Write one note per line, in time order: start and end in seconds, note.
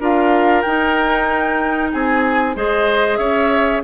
0.00 0.64 D4
0.00 0.65 F4
0.00 1.92 A#4
0.00 0.62 F5
0.62 1.94 D#4
0.62 2.56 D#4
0.62 1.90 G5
1.93 2.56 C4
1.93 2.57 G#4
1.93 2.57 G#5
2.56 3.18 G#3
2.56 3.84 G#4
2.56 3.19 C5
2.56 3.18 D#5
3.18 3.82 C#4
3.18 3.83 C#5
3.18 3.82 E5